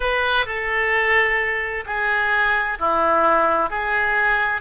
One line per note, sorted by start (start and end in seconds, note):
0.00 0.45 B4
0.45 1.84 A4
1.86 2.78 G#4
2.79 3.69 E4
3.69 4.61 G#4